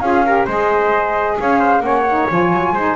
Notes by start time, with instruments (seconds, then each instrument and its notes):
0.00 double bass C#4, saxophone F4, trumpet G#4, flute F5
0.25 saxophone G4, trumpet A#4
0.46 double bass G#3, saxophone G#4, trumpet C5, flute D#5
1.40 double bass C#4, trumpet C#5, flute F5
1.59 trumpet C5
1.80 double bass A#3, saxophone C#4, trumpet C#5, flute F#5
2.09 saxophone D#4
2.30 double bass F3, saxophone F4, flute G#5
2.53 double bass F#3
2.72 double bass G#3, saxophone D#4, trumpet C5